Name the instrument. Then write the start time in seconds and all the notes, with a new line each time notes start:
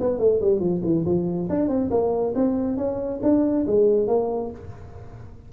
tuba
0.00 B3
0.18 A3
0.41 G3
0.60 F3
0.83 E3
1.05 F3
1.49 D4
1.68 C4
1.90 A#3
2.35 C4
2.77 C#4
3.22 D4
3.66 G#3
4.07 A#3